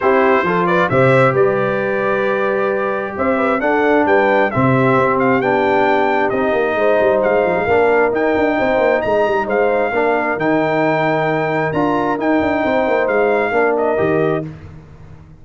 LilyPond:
<<
  \new Staff \with { instrumentName = "trumpet" } { \time 4/4 \tempo 4 = 133 c''4. d''8 e''4 d''4~ | d''2. e''4 | fis''4 g''4 e''4. f''8 | g''2 dis''2 |
f''2 g''2 | ais''4 f''2 g''4~ | g''2 ais''4 g''4~ | g''4 f''4. dis''4. | }
  \new Staff \with { instrumentName = "horn" } { \time 4/4 g'4 a'8 b'8 c''4 b'4~ | b'2. c''8 b'8 | a'4 b'4 g'2~ | g'2. c''4~ |
c''4 ais'2 c''4 | dis''4 c''4 ais'2~ | ais'1 | c''2 ais'2 | }
  \new Staff \with { instrumentName = "trombone" } { \time 4/4 e'4 f'4 g'2~ | g'1 | d'2 c'2 | d'2 dis'2~ |
dis'4 d'4 dis'2~ | dis'2 d'4 dis'4~ | dis'2 f'4 dis'4~ | dis'2 d'4 g'4 | }
  \new Staff \with { instrumentName = "tuba" } { \time 4/4 c'4 f4 c4 g4~ | g2. c'4 | d'4 g4 c4 c'4 | b2 c'8 ais8 gis8 g8 |
gis8 f16 gis16 ais4 dis'8 d'8 c'8 ais8 | gis8 g8 gis4 ais4 dis4~ | dis2 d'4 dis'8 d'8 | c'8 ais8 gis4 ais4 dis4 | }
>>